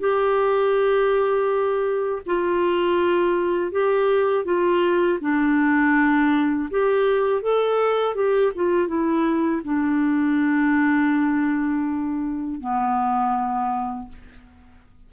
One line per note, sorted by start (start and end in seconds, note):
0.00 2.22 G4
2.26 3.72 F4
3.72 4.45 G4
4.45 5.19 F4
5.21 6.69 D4
6.71 7.42 G4
7.42 8.15 A4
8.15 8.52 G4
8.56 8.88 F4
8.88 9.62 E4
9.64 12.61 D4
12.61 14.09 B3